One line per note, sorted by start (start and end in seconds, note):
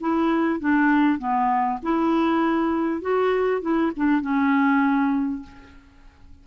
0.00 0.60 E4
0.60 1.18 D4
1.18 1.79 B3
1.83 3.01 E4
3.01 3.61 F#4
3.61 3.91 E4
3.96 4.21 D4
4.21 5.42 C#4